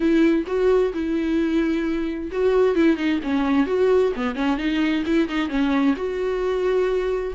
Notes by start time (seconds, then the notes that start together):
0.00 E4
0.47 F#4
0.93 E4
2.31 F#4
2.75 E4
2.96 D#4
3.23 C#4
3.66 F#4
4.16 B3
4.35 C#4
4.57 D#4
5.06 E4
5.28 D#4
5.49 C#4
5.96 F#4